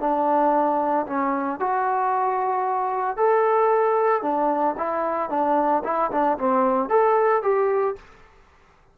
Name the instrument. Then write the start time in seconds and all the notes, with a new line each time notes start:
trombone
0.00 D4
1.07 C#4
1.60 F#4
3.17 A4
4.22 D4
4.78 E4
5.30 D4
5.84 E4
6.11 D4
6.38 C4
6.90 A4
7.43 G4